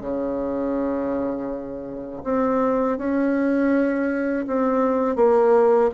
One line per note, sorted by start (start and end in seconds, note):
0.00 2.22 C#3
2.23 2.97 C4
2.97 4.45 C#4
4.46 5.15 C4
5.15 5.90 A#3